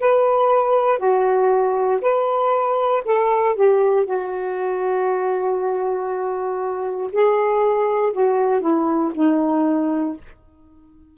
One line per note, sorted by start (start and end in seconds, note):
0.00 0.99 B4
0.99 2.01 F#4
2.02 3.04 B4
3.05 3.55 A4
3.55 4.06 G4
4.06 7.11 F#4
7.13 8.13 G#4
8.13 8.62 F#4
8.62 9.12 E4
9.15 10.17 D#4